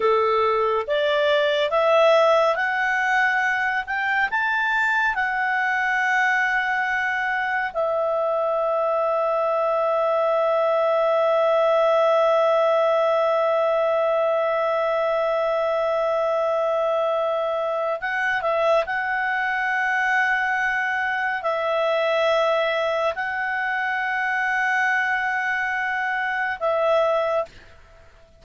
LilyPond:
\new Staff \with { instrumentName = "clarinet" } { \time 4/4 \tempo 4 = 70 a'4 d''4 e''4 fis''4~ | fis''8 g''8 a''4 fis''2~ | fis''4 e''2.~ | e''1~ |
e''1~ | e''4 fis''8 e''8 fis''2~ | fis''4 e''2 fis''4~ | fis''2. e''4 | }